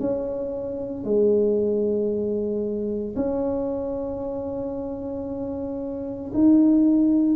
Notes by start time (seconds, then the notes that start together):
0.00 C#4
1.04 G#3
3.16 C#4
6.34 D#4